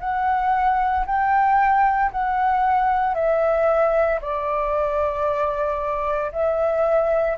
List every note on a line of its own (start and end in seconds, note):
0.00 1.05 F#5
1.06 2.11 G5
2.11 3.14 F#5
3.14 4.20 E5
4.21 6.32 D5
6.32 7.37 E5